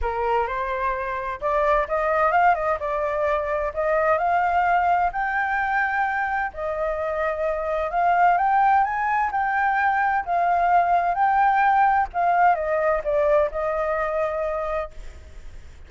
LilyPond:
\new Staff \with { instrumentName = "flute" } { \time 4/4 \tempo 4 = 129 ais'4 c''2 d''4 | dis''4 f''8 dis''8 d''2 | dis''4 f''2 g''4~ | g''2 dis''2~ |
dis''4 f''4 g''4 gis''4 | g''2 f''2 | g''2 f''4 dis''4 | d''4 dis''2. | }